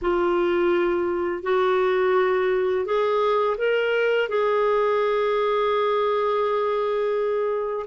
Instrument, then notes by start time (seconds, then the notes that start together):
clarinet
0.01 F4
1.43 F#4
2.85 G#4
3.57 A#4
4.29 G#4